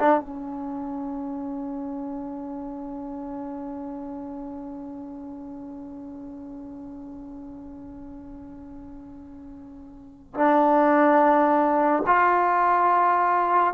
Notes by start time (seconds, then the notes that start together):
0.00 D4
0.20 C#4
10.35 D4
12.07 F4